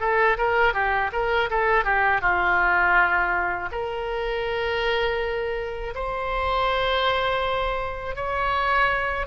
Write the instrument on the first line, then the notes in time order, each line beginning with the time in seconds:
oboe
0.00 A4
0.38 A#4
0.74 G4
1.12 A#4
1.50 A4
1.85 G4
2.21 F4
3.71 A#4
5.95 C5
8.15 C#5